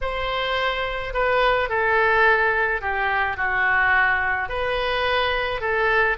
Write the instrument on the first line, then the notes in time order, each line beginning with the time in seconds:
oboe
0.01 C5
1.13 B4
1.69 A4
2.81 G4
3.36 F#4
4.48 B4
5.60 A4